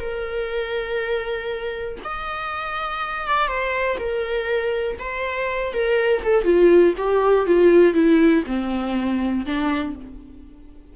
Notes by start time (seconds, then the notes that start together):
0.00 A#4
2.04 D#5
3.28 D5
3.48 C5
3.99 A#4
4.99 C5
5.73 A#4
6.24 A4
6.45 F4
6.98 G4
7.47 F4
7.94 E4
8.46 C4
9.46 D4